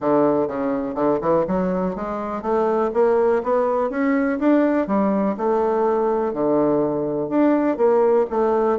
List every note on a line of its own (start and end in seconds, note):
0.00 0.47 D3
0.47 0.94 C#3
0.94 1.19 D3
1.21 1.45 E3
1.47 1.95 F#3
1.95 2.42 G#3
2.42 2.90 A3
2.93 3.42 A#3
3.43 3.90 B3
3.90 4.38 C#4
4.39 4.87 D4
4.87 5.36 G3
5.37 6.33 A3
6.33 7.29 D3
7.29 7.77 D4
7.77 8.26 A#3
8.29 8.78 A3